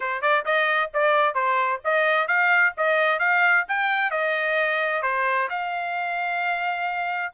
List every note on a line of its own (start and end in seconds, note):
0.00 0.21 C5
0.21 0.44 D5
0.45 0.90 D#5
0.93 1.34 D5
1.34 1.80 C5
1.84 2.27 D#5
2.27 2.73 F5
2.77 3.19 D#5
3.19 3.65 F5
3.68 4.11 G5
4.11 5.02 D#5
5.02 5.48 C5
5.49 7.32 F5